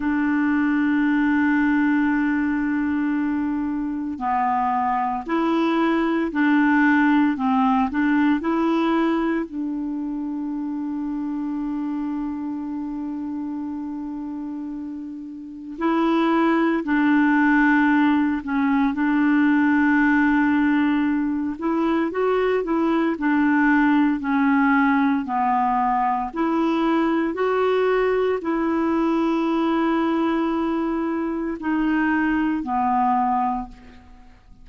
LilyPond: \new Staff \with { instrumentName = "clarinet" } { \time 4/4 \tempo 4 = 57 d'1 | b4 e'4 d'4 c'8 d'8 | e'4 d'2.~ | d'2. e'4 |
d'4. cis'8 d'2~ | d'8 e'8 fis'8 e'8 d'4 cis'4 | b4 e'4 fis'4 e'4~ | e'2 dis'4 b4 | }